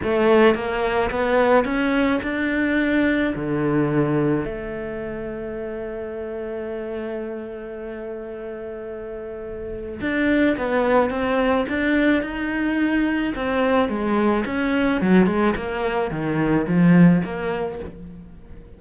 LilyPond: \new Staff \with { instrumentName = "cello" } { \time 4/4 \tempo 4 = 108 a4 ais4 b4 cis'4 | d'2 d2 | a1~ | a1~ |
a2 d'4 b4 | c'4 d'4 dis'2 | c'4 gis4 cis'4 fis8 gis8 | ais4 dis4 f4 ais4 | }